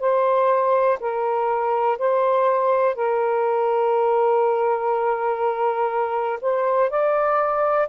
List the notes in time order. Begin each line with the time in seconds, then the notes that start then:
0.00 C5
1.00 A#4
1.99 C5
2.95 A#4
6.41 C5
6.90 D5